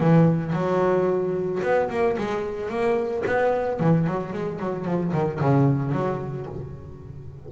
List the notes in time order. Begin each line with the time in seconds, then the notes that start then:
0.00 E3
0.53 F#3
1.62 B3
1.90 A#3
2.18 G#3
2.69 A#3
3.26 B3
3.80 E3
4.07 F#3
4.33 G#3
4.59 F#3
4.85 F3
5.13 D#3
5.40 C#3
5.92 F#3